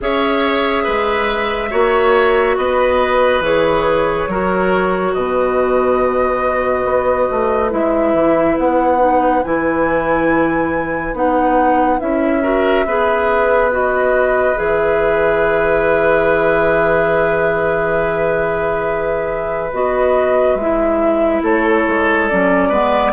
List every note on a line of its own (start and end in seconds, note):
0.01 0.86 C#4
0.01 1.70 G#4
0.01 0.83 C#5
0.01 2.57 E5
0.83 1.72 G#3
0.83 1.69 B4
1.70 2.57 A#3
1.70 3.41 F#4
1.70 2.56 C#5
2.57 3.40 B3
2.57 4.29 B4
2.57 3.42 D#5
3.40 4.26 E3
3.40 4.28 G#4
3.40 5.13 C#5
4.27 5.13 F#3
4.27 7.70 F#4
4.27 5.14 A#4
5.13 6.84 B2
5.13 12.42 B4
5.13 7.70 D#5
6.84 7.27 B3
7.31 7.72 A3
7.70 8.13 G#3
7.70 8.98 E4
7.70 8.57 E5
8.13 8.56 E3
8.57 9.44 B3
8.57 9.43 F#5
8.98 9.41 D#4
9.43 11.13 E3
9.43 11.14 E4
9.43 11.14 G#5
11.13 11.99 B3
11.13 11.99 D#4
11.13 11.99 F#5
11.99 12.85 C#4
11.99 12.42 E4
11.99 13.71 E5
12.42 12.85 F#4
12.42 12.85 A#4
12.85 14.56 B3
12.85 13.70 G#4
12.85 21.42 B4
13.70 14.55 F#4
13.70 14.57 D#5
14.55 19.72 E3
14.55 19.69 G#4
14.55 19.71 E5
19.72 20.54 B3
19.72 20.59 F#4
19.72 20.55 D#5
20.54 21.40 G#3
20.54 22.30 E4
20.54 21.41 E5
21.42 21.85 A3
21.42 22.68 A4
21.42 22.28 C#5
21.87 22.30 G#3
22.28 22.69 F#3
22.28 22.72 C#4
22.28 23.12 D5
22.68 23.12 G#3
22.68 23.12 B3
22.68 23.11 B4